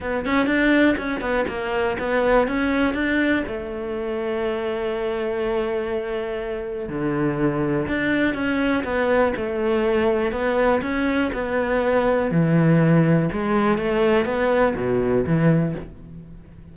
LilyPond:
\new Staff \with { instrumentName = "cello" } { \time 4/4 \tempo 4 = 122 b8 cis'8 d'4 cis'8 b8 ais4 | b4 cis'4 d'4 a4~ | a1~ | a2 d2 |
d'4 cis'4 b4 a4~ | a4 b4 cis'4 b4~ | b4 e2 gis4 | a4 b4 b,4 e4 | }